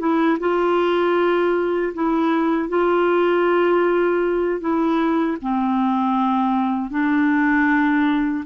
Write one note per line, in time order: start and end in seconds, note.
0.00 0.38 E4
0.40 1.94 F4
1.94 2.69 E4
2.69 4.60 F4
4.60 5.37 E4
5.42 6.91 C4
6.91 8.45 D4